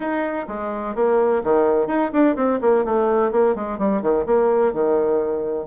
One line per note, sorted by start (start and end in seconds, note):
0.00 0.46 D#4
0.47 0.95 G#3
0.95 1.42 A#3
1.43 1.87 D#3
1.87 2.10 D#4
2.12 2.36 D4
2.36 2.59 C4
2.61 2.84 A#3
2.85 3.31 A3
3.31 3.55 A#3
3.55 3.78 G#3
3.78 4.02 G3
4.02 4.25 D#3
4.25 4.73 A#3
4.73 5.66 D#3